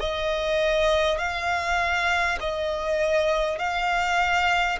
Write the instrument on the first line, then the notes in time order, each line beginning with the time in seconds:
violin
0.00 D#5
1.18 F5
2.40 D#5
3.59 F5